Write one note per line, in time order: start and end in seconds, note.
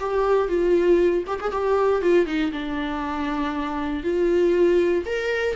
0.00 0.48 G4
0.48 1.24 F4
1.27 1.40 G4
1.41 1.52 G#4
1.52 2.02 G4
2.02 2.26 F4
2.26 2.51 D#4
2.52 4.04 D4
4.04 5.04 F4
5.06 5.56 A#4